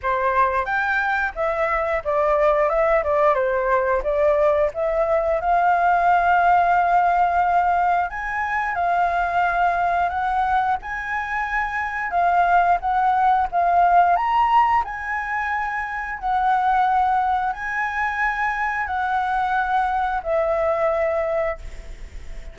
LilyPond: \new Staff \with { instrumentName = "flute" } { \time 4/4 \tempo 4 = 89 c''4 g''4 e''4 d''4 | e''8 d''8 c''4 d''4 e''4 | f''1 | gis''4 f''2 fis''4 |
gis''2 f''4 fis''4 | f''4 ais''4 gis''2 | fis''2 gis''2 | fis''2 e''2 | }